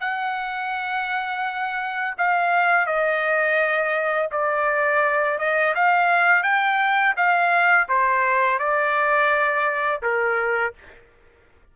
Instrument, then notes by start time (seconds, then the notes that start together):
trumpet
0.00 F#5
2.18 F5
2.86 D#5
4.31 D5
5.38 D#5
5.75 F5
6.43 G5
7.16 F5
7.88 C5
8.58 D5
10.02 A#4